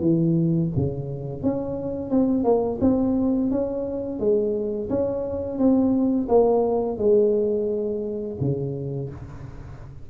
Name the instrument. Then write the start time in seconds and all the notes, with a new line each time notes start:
tuba
0.00 E3
0.76 C#3
1.42 C#4
2.10 C4
2.44 A#3
2.81 C4
3.50 C#4
4.19 G#3
4.89 C#4
5.58 C4
6.28 A#3
6.98 G#3
8.40 C#3